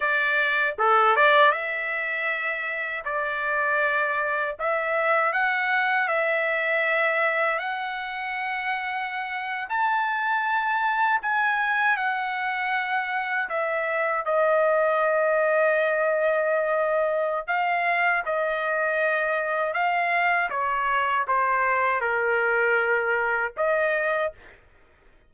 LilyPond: \new Staff \with { instrumentName = "trumpet" } { \time 4/4 \tempo 4 = 79 d''4 a'8 d''8 e''2 | d''2 e''4 fis''4 | e''2 fis''2~ | fis''8. a''2 gis''4 fis''16~ |
fis''4.~ fis''16 e''4 dis''4~ dis''16~ | dis''2. f''4 | dis''2 f''4 cis''4 | c''4 ais'2 dis''4 | }